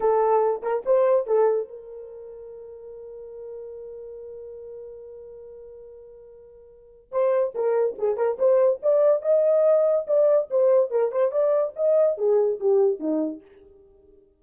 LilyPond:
\new Staff \with { instrumentName = "horn" } { \time 4/4 \tempo 4 = 143 a'4. ais'8 c''4 a'4 | ais'1~ | ais'1~ | ais'1~ |
ais'4 c''4 ais'4 gis'8 ais'8 | c''4 d''4 dis''2 | d''4 c''4 ais'8 c''8 d''4 | dis''4 gis'4 g'4 dis'4 | }